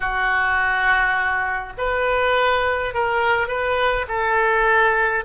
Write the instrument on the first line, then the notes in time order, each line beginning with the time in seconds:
oboe
0.00 F#4
1.77 B4
2.94 A#4
3.47 B4
4.08 A4